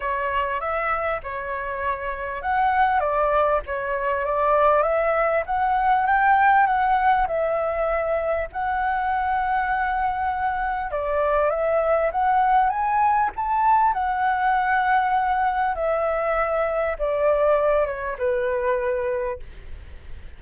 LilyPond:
\new Staff \with { instrumentName = "flute" } { \time 4/4 \tempo 4 = 99 cis''4 e''4 cis''2 | fis''4 d''4 cis''4 d''4 | e''4 fis''4 g''4 fis''4 | e''2 fis''2~ |
fis''2 d''4 e''4 | fis''4 gis''4 a''4 fis''4~ | fis''2 e''2 | d''4. cis''8 b'2 | }